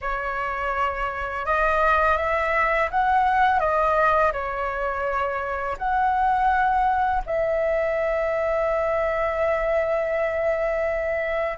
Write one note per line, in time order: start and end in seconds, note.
0.01 1.45 C#5
1.45 2.17 D#5
2.17 2.89 E5
2.90 3.59 F#5
3.59 4.32 D#5
4.32 5.76 C#5
5.77 7.22 F#5
7.26 11.57 E5